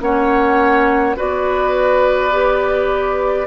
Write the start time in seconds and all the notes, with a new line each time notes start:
0.00 A#3 C#4 C#5 F#5
1.15 B3 F#4 B4 D5
2.31 G4